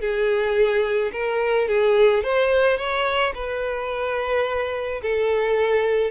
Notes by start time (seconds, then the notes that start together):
0.00 G#4
1.12 A#4
1.68 G#4
2.23 C5
2.77 C#5
3.34 B4
5.02 A4